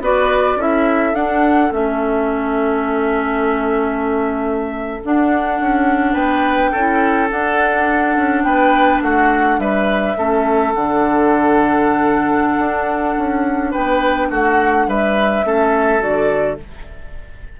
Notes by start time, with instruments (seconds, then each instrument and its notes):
0.00 bassoon B3, clarinet F#4, oboe B4, flute D5
0.55 bassoon C#4, clarinet E4, oboe A4, flute E5
1.13 bassoon D4, clarinet D4, flute F#5
1.71 bassoon A3, clarinet C#4, flute E5
5.04 clarinet D4, bassoon D4, flute F#5
5.60 bassoon C#4
6.13 bassoon B3, oboe B4, flute G5
6.71 bassoon C#4, clarinet E4, oboe A4
7.28 clarinet D4, bassoon D4, flute F#5
8.16 bassoon C#4
8.43 bassoon B3, oboe B4, flute G5
9.01 bassoon A3, oboe F#4, flute F#5
9.58 bassoon G3, oboe B4, flute E5
10.16 bassoon A3, clarinet C#4, oboe A4
10.73 bassoon D3, clarinet D4, flute F#5
12.58 bassoon D4
13.17 bassoon C#4
13.70 bassoon B3, oboe B4, flute G5
14.29 bassoon A3, oboe F#4, flute F#5
14.87 bassoon G3, oboe B4, flute E5
15.44 bassoon A3, clarinet C#4, oboe A4
15.99 bassoon D3, clarinet F#4, flute D5